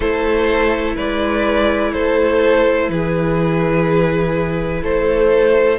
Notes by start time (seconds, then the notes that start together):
0.00 A3 E4 A4 C5
0.95 G#3 B4 D5
1.93 A3 A4 C5
2.88 E3 G#4 B4
4.82 A3 A4 C5